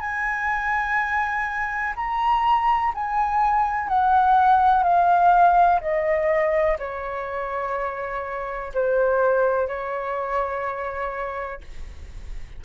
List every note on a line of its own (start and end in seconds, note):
0.00 1.94 G#5
1.96 2.93 A#5
2.94 3.88 G#5
3.88 4.83 F#5
4.83 5.80 F5
5.81 6.77 D#5
6.79 8.72 C#5
8.74 9.67 C5
9.67 11.61 C#5